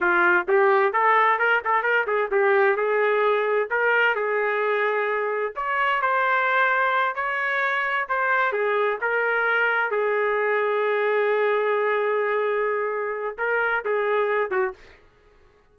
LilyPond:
\new Staff \with { instrumentName = "trumpet" } { \time 4/4 \tempo 4 = 130 f'4 g'4 a'4 ais'8 a'8 | ais'8 gis'8 g'4 gis'2 | ais'4 gis'2. | cis''4 c''2~ c''8 cis''8~ |
cis''4. c''4 gis'4 ais'8~ | ais'4. gis'2~ gis'8~ | gis'1~ | gis'4 ais'4 gis'4. fis'8 | }